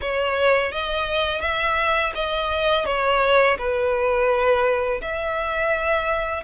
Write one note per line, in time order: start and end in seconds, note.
0.01 0.71 C#5
0.71 1.41 D#5
1.41 2.12 E5
2.15 2.85 D#5
2.85 3.57 C#5
3.57 5.00 B4
5.01 6.43 E5